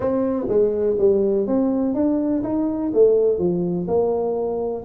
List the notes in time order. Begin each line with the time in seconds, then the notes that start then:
0.00 C4
0.48 G#3
0.98 G3
1.46 C4
1.94 D4
2.43 D#4
2.93 A3
3.38 F3
3.87 A#3